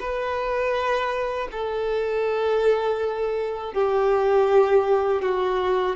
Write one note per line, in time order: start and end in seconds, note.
0.00 1.48 B4
1.52 3.74 A4
3.74 5.22 G4
5.22 5.96 F#4